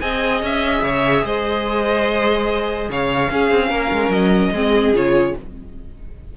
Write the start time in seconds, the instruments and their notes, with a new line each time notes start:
0.00 cello C4, viola G#4, violin D#5 G#5
0.43 cello C#4, violin E5
0.82 cello C#3, violin C#5
1.25 cello G#3, violin C5 D#5
2.89 cello C#3, violin C#5 F5
3.31 cello C#4, viola C#4, violin G#4
3.51 cello C4
3.69 cello A#3, violin A#4
3.92 cello G#3
4.09 cello F#3, violin D#5
4.52 cello G#3, viola C4, violin G#4
4.93 cello C#3, viola F4, violin C#5